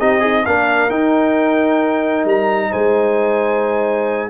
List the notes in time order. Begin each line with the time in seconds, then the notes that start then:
0.00 C4 D#4 G4 D#5
0.20 D#4 G#4
0.45 A#3 D4 A#4 F5
0.90 D#4 G5
2.25 G3 A#5
2.70 G#3 C5 G#5